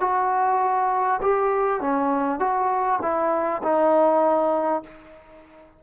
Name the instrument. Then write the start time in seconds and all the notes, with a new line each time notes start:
trombone
0.00 F#4
1.22 G4
1.81 C#4
2.39 F#4
3.02 E4
3.63 D#4